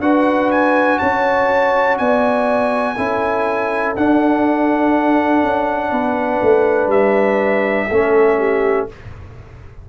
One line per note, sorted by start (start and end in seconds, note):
0.00 0.98 D4
0.00 2.96 F#4
0.00 1.00 B4
0.00 0.51 F#5
0.51 0.99 G#5
0.99 1.99 C#4
0.99 1.98 C#5
0.99 1.97 A5
1.98 2.98 B3
1.98 2.96 D5
1.98 3.95 G#5
2.96 3.96 C#4
2.96 3.96 E4
2.96 5.91 A4
3.96 7.90 D4
3.96 5.43 D4
3.96 6.90 F#5
5.43 5.91 C#4
5.91 6.41 B3
5.91 7.88 B4
6.42 6.88 A3
6.88 7.86 G3
6.88 8.87 E5
7.88 8.89 A3
7.88 8.89 C#4
7.88 8.37 A4
8.39 8.88 G4